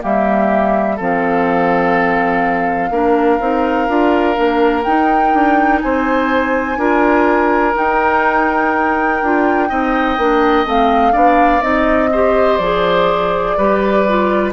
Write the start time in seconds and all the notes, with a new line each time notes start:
0.00 G3 A#3 G4 E5
0.96 F3 C4 A4 F5
2.90 A#3 D4 A#4
3.39 C4 D#4
3.88 D4 F4
4.34 A#3 D4
4.82 D#4 G5
5.33 D4
5.81 C4 C5 G#5
6.77 D4 F4 A#4
7.73 D#4 G5
9.22 D4 F4
9.68 C4 D#4 D#5
10.17 A#3 D4
10.65 A3 C4 F5
11.12 B3 D4 D5
11.60 C4 D#4 D#5
12.11 G4 C5
12.57 F3 G#4 D5
13.57 G3 G4 B4
14.08 F4